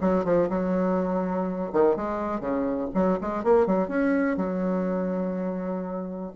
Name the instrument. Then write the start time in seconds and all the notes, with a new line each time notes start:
bassoon
0.00 F#3
0.24 F3
0.49 F#3
1.72 D#3
1.96 G#3
2.40 C#3
2.94 F#3
3.21 G#3
3.43 A#3
3.66 F#3
3.88 C#4
4.37 F#3